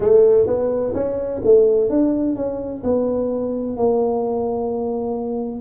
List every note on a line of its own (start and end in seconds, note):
0.00 0.46 A3
0.46 0.93 B3
0.94 1.41 C#4
1.44 1.89 A3
1.89 2.36 D4
2.36 2.83 C#4
2.83 3.77 B3
3.77 5.61 A#3